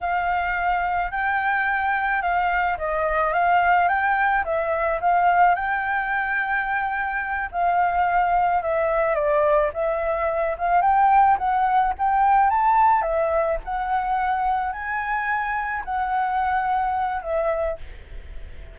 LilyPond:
\new Staff \with { instrumentName = "flute" } { \time 4/4 \tempo 4 = 108 f''2 g''2 | f''4 dis''4 f''4 g''4 | e''4 f''4 g''2~ | g''4. f''2 e''8~ |
e''8 d''4 e''4. f''8 g''8~ | g''8 fis''4 g''4 a''4 e''8~ | e''8 fis''2 gis''4.~ | gis''8 fis''2~ fis''8 e''4 | }